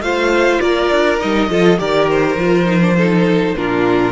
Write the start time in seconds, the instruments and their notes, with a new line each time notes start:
0.00 cello A3, viola F4, violin C5 F5
0.60 cello A#3, violin A#4 D5
0.90 cello D4
1.19 cello G3, viola D#4, violin D#5
1.48 cello F3, viola F4, violin A4
1.77 cello D#3, viola G4, violin A#4 D5
2.10 violin C5
2.36 cello F3, viola F4
2.65 viola D#4
2.81 viola D4
2.97 viola D#4, violin A4
3.56 cello A#2, viola D4, violin F4 A#4